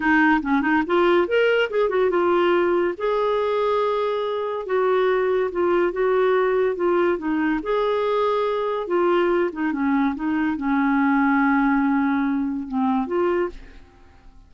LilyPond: \new Staff \with { instrumentName = "clarinet" } { \time 4/4 \tempo 4 = 142 dis'4 cis'8 dis'8 f'4 ais'4 | gis'8 fis'8 f'2 gis'4~ | gis'2. fis'4~ | fis'4 f'4 fis'2 |
f'4 dis'4 gis'2~ | gis'4 f'4. dis'8 cis'4 | dis'4 cis'2.~ | cis'2 c'4 f'4 | }